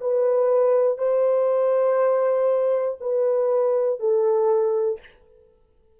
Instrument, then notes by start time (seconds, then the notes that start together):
horn
0.00 B4
0.98 C5
3.00 B4
4.00 A4